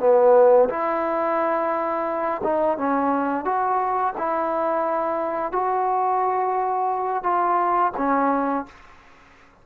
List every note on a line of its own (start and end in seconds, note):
0.00 0.69 B3
0.69 2.42 E4
2.44 2.78 D#4
2.78 3.45 C#4
3.45 4.14 F#4
4.18 5.52 E4
5.52 7.24 F#4
7.24 7.92 F4
7.97 8.66 C#4